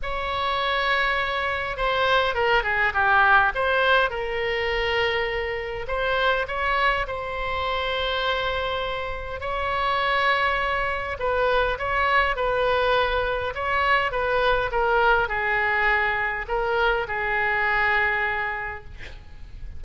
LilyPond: \new Staff \with { instrumentName = "oboe" } { \time 4/4 \tempo 4 = 102 cis''2. c''4 | ais'8 gis'8 g'4 c''4 ais'4~ | ais'2 c''4 cis''4 | c''1 |
cis''2. b'4 | cis''4 b'2 cis''4 | b'4 ais'4 gis'2 | ais'4 gis'2. | }